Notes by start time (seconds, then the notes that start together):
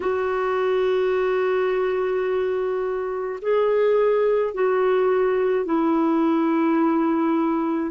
0.00 F#4
3.41 G#4
4.53 F#4
5.65 E4